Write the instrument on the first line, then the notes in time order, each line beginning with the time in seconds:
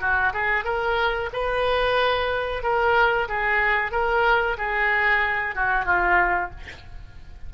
oboe
0.00 F#4
0.33 G#4
0.64 A#4
1.33 B4
2.63 A#4
3.28 G#4
3.91 A#4
4.57 G#4
5.55 F#4
5.85 F4